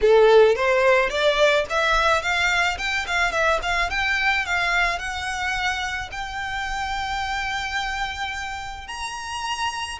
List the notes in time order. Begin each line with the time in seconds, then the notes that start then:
0.01 A4
0.55 C5
1.09 D5
1.69 E5
2.21 F5
2.78 G5
3.07 F5
3.31 E5
3.62 F5
3.90 G5
4.45 F5
4.98 F#5
6.11 G5
8.87 A#5